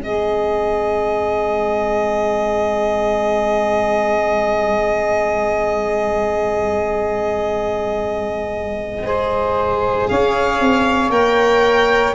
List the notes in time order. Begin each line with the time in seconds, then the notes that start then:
0.00 G#3 C4 G#4 D#5
9.06 G#4 C5
10.08 C#4 C#5 F5
10.60 C4
11.09 A#3 A#4 G5